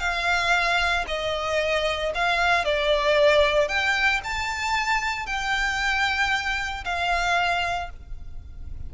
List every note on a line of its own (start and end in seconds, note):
0.00 1.05 F5
1.08 2.13 D#5
2.15 2.65 F5
2.65 3.68 D5
3.68 4.21 G5
4.24 5.27 A5
5.27 6.85 G5
6.85 7.90 F5